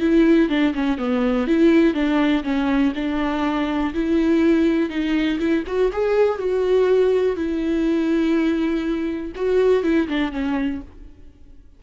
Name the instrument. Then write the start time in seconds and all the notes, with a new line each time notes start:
viola
0.00 E4
0.49 D4
0.74 C#4
0.98 B3
1.47 E4
1.94 D4
2.44 C#4
2.95 D4
3.94 E4
4.90 D#4
5.39 E4
5.67 F#4
5.92 G#4
6.38 F#4
7.36 E4
9.36 F#4
9.83 E4
10.08 D4
10.32 C#4